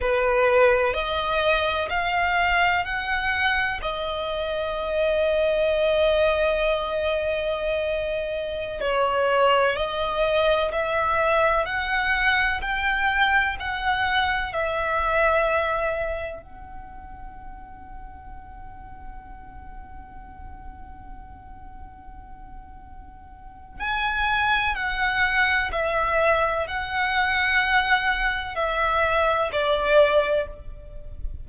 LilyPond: \new Staff \with { instrumentName = "violin" } { \time 4/4 \tempo 4 = 63 b'4 dis''4 f''4 fis''4 | dis''1~ | dis''4~ dis''16 cis''4 dis''4 e''8.~ | e''16 fis''4 g''4 fis''4 e''8.~ |
e''4~ e''16 fis''2~ fis''8.~ | fis''1~ | fis''4 gis''4 fis''4 e''4 | fis''2 e''4 d''4 | }